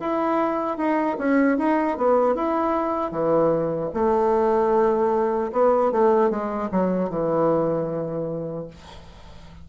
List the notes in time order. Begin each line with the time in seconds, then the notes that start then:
0.00 E4
0.77 D#4
1.18 C#4
1.58 D#4
1.97 B3
2.35 E4
3.11 E3
3.94 A3
5.52 B3
5.92 A3
6.30 G#3
6.71 F#3
7.09 E3